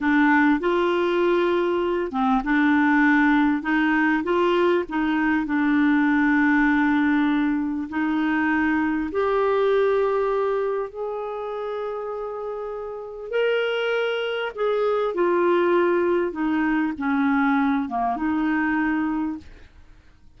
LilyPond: \new Staff \with { instrumentName = "clarinet" } { \time 4/4 \tempo 4 = 99 d'4 f'2~ f'8 c'8 | d'2 dis'4 f'4 | dis'4 d'2.~ | d'4 dis'2 g'4~ |
g'2 gis'2~ | gis'2 ais'2 | gis'4 f'2 dis'4 | cis'4. ais8 dis'2 | }